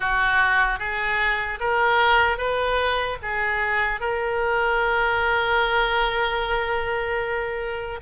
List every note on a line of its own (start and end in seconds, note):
0.00 0.79 F#4
0.79 1.59 G#4
1.60 2.37 A#4
2.37 3.17 B4
3.22 4.00 G#4
4.00 8.00 A#4